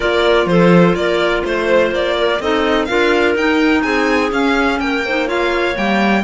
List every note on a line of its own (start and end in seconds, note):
0.00 0.45 A#3
0.00 2.38 F4
0.00 0.46 A#4
0.00 0.47 D5
0.45 0.93 F3
0.45 0.97 A4
0.45 0.95 C5
0.95 1.43 A#3
0.95 1.44 A#4
0.95 1.43 D5
1.44 1.91 A3
1.44 2.16 C5
1.44 1.93 C5
1.91 2.39 A#3
1.91 2.41 D5
2.18 2.41 A#4
2.39 2.87 C4
2.39 2.88 D#4
2.39 2.88 A4
2.39 2.85 D#5
2.85 3.35 D4
2.85 3.36 F4
2.85 3.83 A#4
2.85 3.33 F5
3.35 3.83 D#4
3.35 4.30 D#4
3.35 3.81 G5
3.81 4.31 C4
3.81 4.79 G#4
3.81 4.29 G#5
4.30 5.02 C#4
4.30 4.79 C#4
4.30 4.79 F5
4.79 5.75 A#3
4.79 5.05 A#4
4.79 5.27 G5
5.05 5.27 D#4
5.05 5.27 C5
5.27 5.74 F4
5.27 6.23 C#5
5.27 5.76 F5
5.74 6.23 G3
5.74 6.22 A#3
5.74 6.23 G5